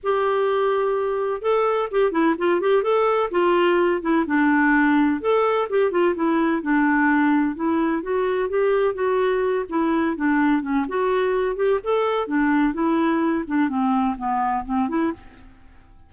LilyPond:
\new Staff \with { instrumentName = "clarinet" } { \time 4/4 \tempo 4 = 127 g'2. a'4 | g'8 e'8 f'8 g'8 a'4 f'4~ | f'8 e'8 d'2 a'4 | g'8 f'8 e'4 d'2 |
e'4 fis'4 g'4 fis'4~ | fis'8 e'4 d'4 cis'8 fis'4~ | fis'8 g'8 a'4 d'4 e'4~ | e'8 d'8 c'4 b4 c'8 e'8 | }